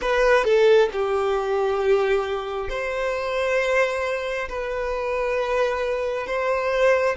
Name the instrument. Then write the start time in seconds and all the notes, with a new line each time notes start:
violin
0.01 B4
0.44 A4
0.92 G4
2.69 C5
4.48 B4
6.26 C5